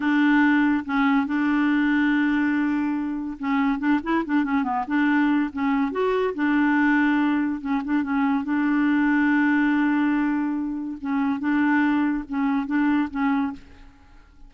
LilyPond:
\new Staff \with { instrumentName = "clarinet" } { \time 4/4 \tempo 4 = 142 d'2 cis'4 d'4~ | d'1 | cis'4 d'8 e'8 d'8 cis'8 b8 d'8~ | d'4 cis'4 fis'4 d'4~ |
d'2 cis'8 d'8 cis'4 | d'1~ | d'2 cis'4 d'4~ | d'4 cis'4 d'4 cis'4 | }